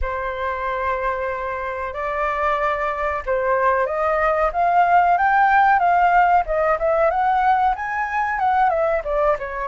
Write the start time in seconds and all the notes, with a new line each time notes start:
0.01 C5
1.93 D5
3.26 C5
3.86 D#5
4.52 F5
5.17 G5
5.79 F5
6.45 D#5
6.79 E5
7.10 F#5
7.75 G#5
8.39 F#5
8.69 E5
9.04 D5
9.39 C#5